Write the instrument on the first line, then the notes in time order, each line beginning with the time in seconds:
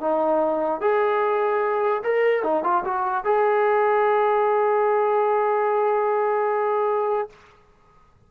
trombone
0.00 D#4
0.81 G#4
2.03 A#4
2.43 D#4
2.63 F4
2.84 F#4
3.24 G#4